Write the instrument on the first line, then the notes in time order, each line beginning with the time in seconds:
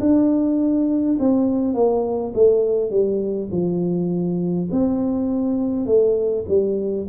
tuba
0.00 D4
1.19 C4
1.73 A#3
2.34 A3
2.90 G3
3.51 F3
4.71 C4
5.86 A3
6.48 G3